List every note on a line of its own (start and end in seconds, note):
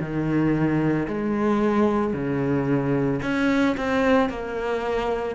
0.00 1.07 D#3
1.08 2.13 G#3
2.13 3.20 C#3
3.22 3.75 C#4
3.77 4.29 C4
4.29 5.35 A#3